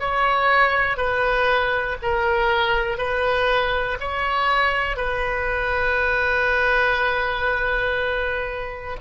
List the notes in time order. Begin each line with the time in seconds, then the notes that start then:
0.00 C#5
0.97 B4
2.02 A#4
2.98 B4
4.00 C#5
4.97 B4